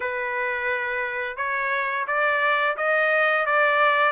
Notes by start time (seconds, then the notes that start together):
0.00 B4
1.36 C#5
2.07 D5
2.76 D#5
3.45 D5